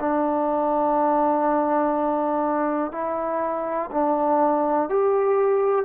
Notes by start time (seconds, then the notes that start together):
0.00 D4
2.92 E4
3.91 D4
4.89 G4